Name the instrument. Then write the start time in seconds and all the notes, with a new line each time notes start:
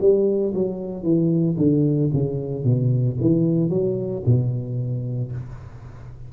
tuba
0.00 G3
0.54 F#3
1.03 E3
1.57 D3
2.13 C#3
2.64 B2
3.21 E3
3.69 F#3
4.26 B2